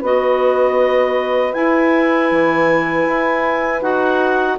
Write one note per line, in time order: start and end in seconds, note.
0.00 1.54 B3
0.00 1.54 F#4
0.00 4.56 B4
0.00 1.54 D#5
1.54 3.82 E4
1.54 2.32 E4
1.54 3.82 G#5
2.32 3.08 E3
3.08 3.82 E4
3.82 4.58 D#4
3.82 4.58 F#4
3.82 4.58 F#5